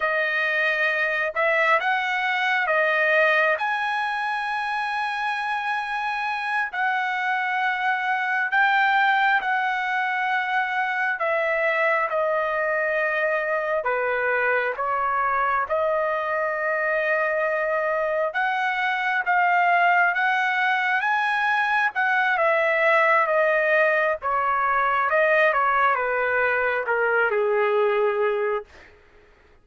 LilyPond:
\new Staff \with { instrumentName = "trumpet" } { \time 4/4 \tempo 4 = 67 dis''4. e''8 fis''4 dis''4 | gis''2.~ gis''8 fis''8~ | fis''4. g''4 fis''4.~ | fis''8 e''4 dis''2 b'8~ |
b'8 cis''4 dis''2~ dis''8~ | dis''8 fis''4 f''4 fis''4 gis''8~ | gis''8 fis''8 e''4 dis''4 cis''4 | dis''8 cis''8 b'4 ais'8 gis'4. | }